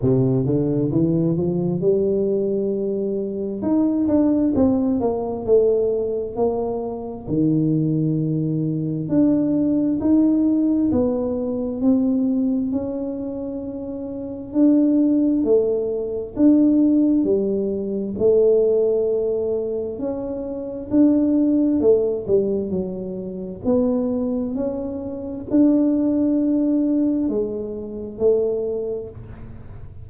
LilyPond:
\new Staff \with { instrumentName = "tuba" } { \time 4/4 \tempo 4 = 66 c8 d8 e8 f8 g2 | dis'8 d'8 c'8 ais8 a4 ais4 | dis2 d'4 dis'4 | b4 c'4 cis'2 |
d'4 a4 d'4 g4 | a2 cis'4 d'4 | a8 g8 fis4 b4 cis'4 | d'2 gis4 a4 | }